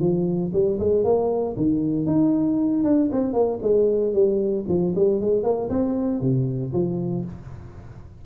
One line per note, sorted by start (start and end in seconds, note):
0.00 0.52 F3
0.53 0.79 G3
0.80 1.04 G#3
1.04 1.56 A#3
1.57 2.06 D#3
2.06 2.84 D#4
2.84 3.10 D4
3.12 3.33 C4
3.33 3.59 A#3
3.63 4.14 G#3
4.14 4.66 G3
4.69 4.94 F3
4.96 5.21 G3
5.21 5.44 G#3
5.44 5.69 A#3
5.70 6.21 C4
6.21 6.72 C3
6.73 7.25 F3